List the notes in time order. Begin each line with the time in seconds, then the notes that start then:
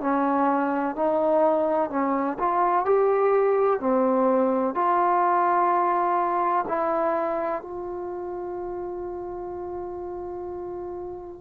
0.00 C#4
0.95 D#4
1.90 C#4
2.39 F4
2.85 G4
3.80 C4
4.74 F4
6.68 E4
7.62 F4